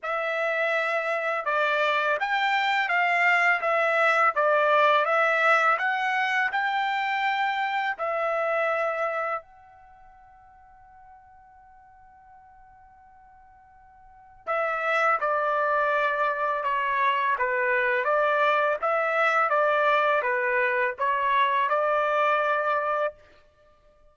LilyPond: \new Staff \with { instrumentName = "trumpet" } { \time 4/4 \tempo 4 = 83 e''2 d''4 g''4 | f''4 e''4 d''4 e''4 | fis''4 g''2 e''4~ | e''4 fis''2.~ |
fis''1 | e''4 d''2 cis''4 | b'4 d''4 e''4 d''4 | b'4 cis''4 d''2 | }